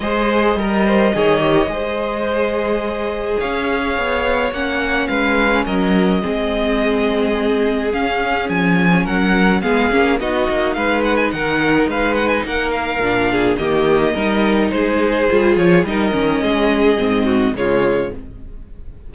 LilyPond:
<<
  \new Staff \with { instrumentName = "violin" } { \time 4/4 \tempo 4 = 106 dis''1~ | dis''2 f''2 | fis''4 f''4 dis''2~ | dis''2 f''4 gis''4 |
fis''4 f''4 dis''4 f''8 fis''16 gis''16 | fis''4 f''8 fis''16 gis''16 fis''8 f''4. | dis''2 c''4. cis''8 | dis''2. cis''4 | }
  \new Staff \with { instrumentName = "violin" } { \time 4/4 c''4 ais'8 c''8 cis''4 c''4~ | c''2 cis''2~ | cis''4 b'4 ais'4 gis'4~ | gis'1 |
ais'4 gis'4 fis'4 b'4 | ais'4 b'4 ais'4. gis'8 | g'4 ais'4 gis'2 | ais'4 gis'4. fis'8 f'4 | }
  \new Staff \with { instrumentName = "viola" } { \time 4/4 gis'4 ais'4 gis'8 g'8 gis'4~ | gis'1 | cis'2. c'4~ | c'2 cis'2~ |
cis'4 b8 cis'8 dis'2~ | dis'2. d'4 | ais4 dis'2 f'4 | dis'8 cis'4. c'4 gis4 | }
  \new Staff \with { instrumentName = "cello" } { \time 4/4 gis4 g4 dis4 gis4~ | gis2 cis'4 b4 | ais4 gis4 fis4 gis4~ | gis2 cis'4 f4 |
fis4 gis8 ais8 b8 ais8 gis4 | dis4 gis4 ais4 ais,4 | dis4 g4 gis4 g8 f8 | g8 dis8 gis4 gis,4 cis4 | }
>>